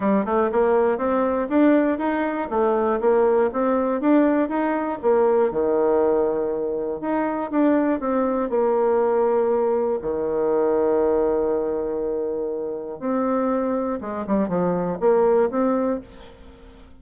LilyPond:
\new Staff \with { instrumentName = "bassoon" } { \time 4/4 \tempo 4 = 120 g8 a8 ais4 c'4 d'4 | dis'4 a4 ais4 c'4 | d'4 dis'4 ais4 dis4~ | dis2 dis'4 d'4 |
c'4 ais2. | dis1~ | dis2 c'2 | gis8 g8 f4 ais4 c'4 | }